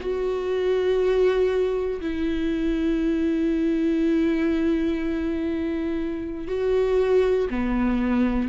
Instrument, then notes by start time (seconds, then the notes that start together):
viola
0.00 F#4
2.00 E4
6.47 F#4
7.50 B3